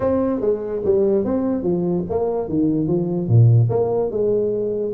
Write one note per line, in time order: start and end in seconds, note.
0.00 0.40 C4
0.40 0.81 G#3
0.84 1.24 G3
1.24 1.63 C4
1.63 2.04 F3
2.09 2.48 A#3
2.48 2.87 D#3
2.87 3.28 F3
3.28 3.69 A#2
3.69 4.10 A#3
4.11 4.93 G#3